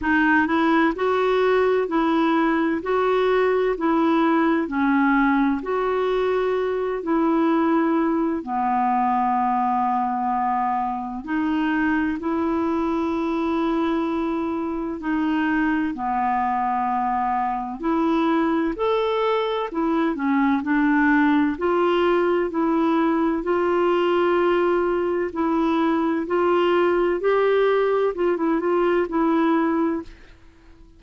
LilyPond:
\new Staff \with { instrumentName = "clarinet" } { \time 4/4 \tempo 4 = 64 dis'8 e'8 fis'4 e'4 fis'4 | e'4 cis'4 fis'4. e'8~ | e'4 b2. | dis'4 e'2. |
dis'4 b2 e'4 | a'4 e'8 cis'8 d'4 f'4 | e'4 f'2 e'4 | f'4 g'4 f'16 e'16 f'8 e'4 | }